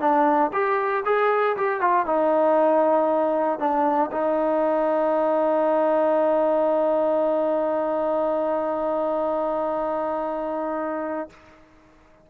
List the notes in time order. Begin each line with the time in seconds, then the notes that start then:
0.00 D4
0.53 G4
1.05 G#4
1.57 G4
1.81 F4
2.06 D#4
3.59 D4
4.12 D#4